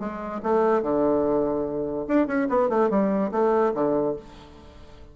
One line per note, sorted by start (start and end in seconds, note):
0.00 0.41 G#3
0.43 0.83 A3
0.83 2.07 D3
2.08 2.27 D4
2.27 2.48 C#4
2.50 2.70 B3
2.70 2.90 A3
2.90 3.31 G3
3.32 3.73 A3
3.75 4.16 D3